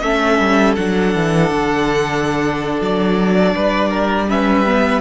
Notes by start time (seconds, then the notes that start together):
0.00 A3 C#4 A4 E5
0.39 G3
0.76 F#3 D4 F#5
1.15 E3
1.51 D3
2.81 F#3 D5
3.55 G3 B4
3.90 A#4
4.29 C#4 B4 E5
4.67 B3